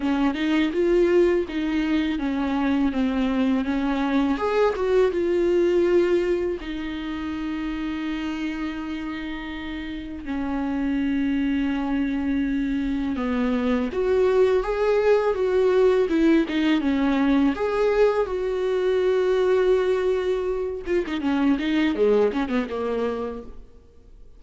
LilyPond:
\new Staff \with { instrumentName = "viola" } { \time 4/4 \tempo 4 = 82 cis'8 dis'8 f'4 dis'4 cis'4 | c'4 cis'4 gis'8 fis'8 f'4~ | f'4 dis'2.~ | dis'2 cis'2~ |
cis'2 b4 fis'4 | gis'4 fis'4 e'8 dis'8 cis'4 | gis'4 fis'2.~ | fis'8 f'16 dis'16 cis'8 dis'8 gis8 cis'16 b16 ais4 | }